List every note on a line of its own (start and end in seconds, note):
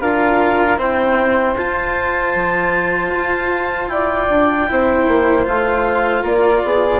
0.00 0.78 D4
0.00 0.78 F4
0.00 0.78 A#4
0.00 0.78 F5
0.78 1.56 C4
0.78 1.55 E4
0.78 3.90 C5
0.78 1.57 G5
1.55 2.33 F4
1.55 4.68 F4
1.55 3.88 A5
2.35 3.13 F3
3.13 3.87 F4
3.87 4.26 E4
3.87 4.69 D5
3.87 5.44 G5
4.29 4.68 D4
4.68 5.07 C4
4.68 5.45 E4
4.68 6.22 C5
5.07 5.46 A#3
5.45 6.23 A3
5.45 7.00 F4
5.45 6.25 F5
6.22 6.62 A#3
6.22 6.61 A#4
6.22 7.00 D5
6.64 7.00 B3
6.64 7.00 G#4